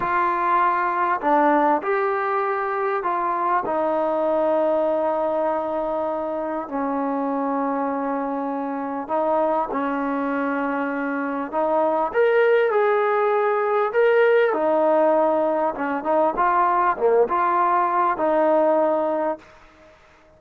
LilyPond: \new Staff \with { instrumentName = "trombone" } { \time 4/4 \tempo 4 = 99 f'2 d'4 g'4~ | g'4 f'4 dis'2~ | dis'2. cis'4~ | cis'2. dis'4 |
cis'2. dis'4 | ais'4 gis'2 ais'4 | dis'2 cis'8 dis'8 f'4 | ais8 f'4. dis'2 | }